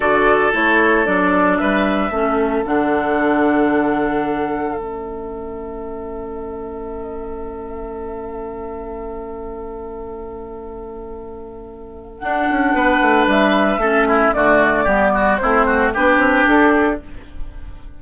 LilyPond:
<<
  \new Staff \with { instrumentName = "flute" } { \time 4/4 \tempo 4 = 113 d''4 cis''4 d''4 e''4~ | e''4 fis''2.~ | fis''4 e''2.~ | e''1~ |
e''1~ | e''2. fis''4~ | fis''4 e''2 d''4~ | d''4 c''4 b'4 a'4 | }
  \new Staff \with { instrumentName = "oboe" } { \time 4/4 a'2. b'4 | a'1~ | a'1~ | a'1~ |
a'1~ | a'1 | b'2 a'8 e'8 fis'4 | g'8 fis'8 e'8 fis'8 g'2 | }
  \new Staff \with { instrumentName = "clarinet" } { \time 4/4 fis'4 e'4 d'2 | cis'4 d'2.~ | d'4 cis'2.~ | cis'1~ |
cis'1~ | cis'2. d'4~ | d'2 cis'4 a4 | b4 c'4 d'2 | }
  \new Staff \with { instrumentName = "bassoon" } { \time 4/4 d4 a4 fis4 g4 | a4 d2.~ | d4 a2.~ | a1~ |
a1~ | a2. d'8 cis'8 | b8 a8 g4 a4 d4 | g4 a4 b8 c'8 d'4 | }
>>